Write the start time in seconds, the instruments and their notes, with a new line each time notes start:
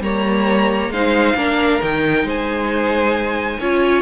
0.00 cello G3, viola A#3, violin C#5 A#5
0.89 cello G#3, viola D#4, violin C5 F5
1.35 cello A#3, viola D4, violin A#4
1.80 cello D#3, viola D#4, violin G5
2.23 cello G#3, violin C5 G#5
3.60 cello C#4, viola F4, violin C#5